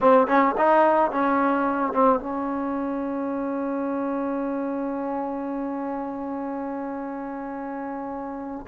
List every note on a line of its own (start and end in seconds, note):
0.01 0.27 C4
0.27 0.55 C#4
0.57 1.11 D#4
1.11 1.93 C#4
1.93 2.19 C4
2.19 8.66 C#4